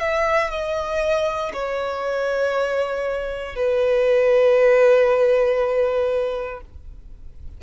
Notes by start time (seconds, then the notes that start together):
0.00 E5
0.51 D#5
1.53 C#5
3.56 B4